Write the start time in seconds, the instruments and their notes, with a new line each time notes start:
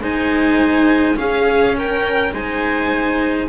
0.00 double bass G#3, cello D#4, viola C5, violin G#5
1.15 cello C#4, double bass C#4, viola G#4, violin F5
1.76 viola A#4, violin G5
2.32 double bass G#3, cello D#4, viola C5, violin G#5